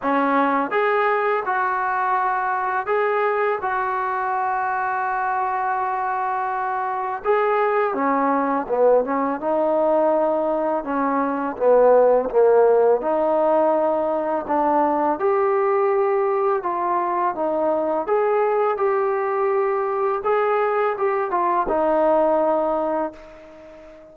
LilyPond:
\new Staff \with { instrumentName = "trombone" } { \time 4/4 \tempo 4 = 83 cis'4 gis'4 fis'2 | gis'4 fis'2.~ | fis'2 gis'4 cis'4 | b8 cis'8 dis'2 cis'4 |
b4 ais4 dis'2 | d'4 g'2 f'4 | dis'4 gis'4 g'2 | gis'4 g'8 f'8 dis'2 | }